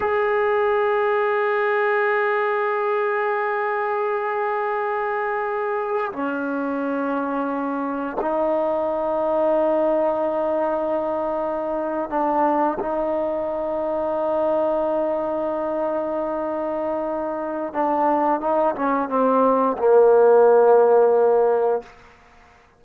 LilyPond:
\new Staff \with { instrumentName = "trombone" } { \time 4/4 \tempo 4 = 88 gis'1~ | gis'1~ | gis'4 cis'2. | dis'1~ |
dis'4.~ dis'16 d'4 dis'4~ dis'16~ | dis'1~ | dis'2 d'4 dis'8 cis'8 | c'4 ais2. | }